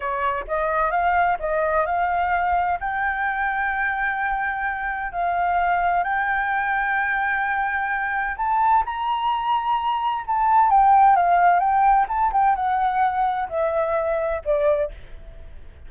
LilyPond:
\new Staff \with { instrumentName = "flute" } { \time 4/4 \tempo 4 = 129 cis''4 dis''4 f''4 dis''4 | f''2 g''2~ | g''2. f''4~ | f''4 g''2.~ |
g''2 a''4 ais''4~ | ais''2 a''4 g''4 | f''4 g''4 a''8 g''8 fis''4~ | fis''4 e''2 d''4 | }